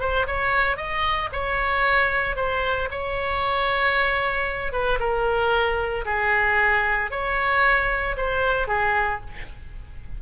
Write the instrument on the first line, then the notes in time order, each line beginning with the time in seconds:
oboe
0.00 C5
0.27 C#5
0.77 D#5
1.33 C#5
2.36 C5
2.91 C#5
4.73 B4
5.00 A#4
6.06 G#4
7.11 C#5
8.17 C5
8.68 G#4